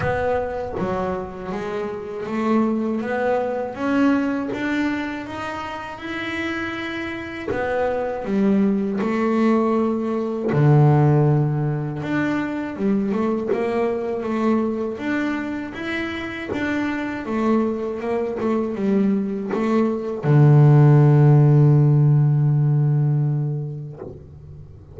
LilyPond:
\new Staff \with { instrumentName = "double bass" } { \time 4/4 \tempo 4 = 80 b4 fis4 gis4 a4 | b4 cis'4 d'4 dis'4 | e'2 b4 g4 | a2 d2 |
d'4 g8 a8 ais4 a4 | d'4 e'4 d'4 a4 | ais8 a8 g4 a4 d4~ | d1 | }